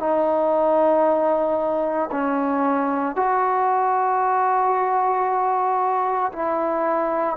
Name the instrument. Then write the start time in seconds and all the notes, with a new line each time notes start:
trombone
0.00 D#4
2.12 C#4
3.16 F#4
6.33 E4